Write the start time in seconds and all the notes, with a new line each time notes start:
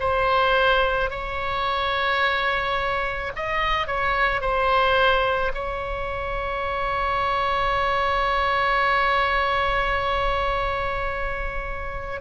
0.00 C5
1.11 C#5
3.36 D#5
3.87 C#5
4.41 C5
5.55 C#5